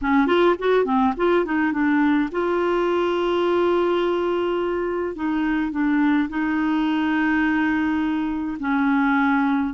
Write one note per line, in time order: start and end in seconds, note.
0.01 0.26 C#4
0.26 0.55 F4
0.58 0.84 F#4
0.84 1.13 C4
1.16 1.45 F4
1.45 1.72 D#4
1.72 2.29 D4
2.31 5.15 F4
5.15 5.71 D#4
5.71 6.28 D4
6.29 8.57 D#4
8.59 9.73 C#4